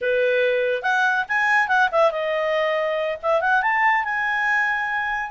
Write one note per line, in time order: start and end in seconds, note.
0.01 0.82 B4
0.82 1.25 F#5
1.28 1.68 G#5
1.68 1.89 F#5
1.91 2.11 E5
2.11 3.17 D#5
3.22 3.40 E5
3.40 3.62 F#5
3.62 4.04 A5
4.04 5.30 G#5